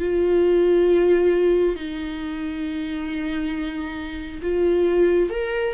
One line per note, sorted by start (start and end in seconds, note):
0.00 1.76 F4
1.76 4.40 D#4
4.42 5.30 F4
5.30 5.74 A#4